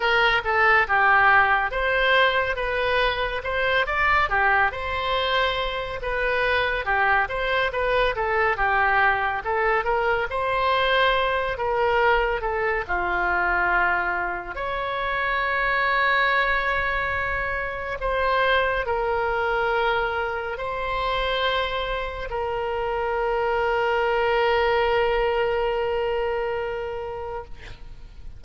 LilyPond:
\new Staff \with { instrumentName = "oboe" } { \time 4/4 \tempo 4 = 70 ais'8 a'8 g'4 c''4 b'4 | c''8 d''8 g'8 c''4. b'4 | g'8 c''8 b'8 a'8 g'4 a'8 ais'8 | c''4. ais'4 a'8 f'4~ |
f'4 cis''2.~ | cis''4 c''4 ais'2 | c''2 ais'2~ | ais'1 | }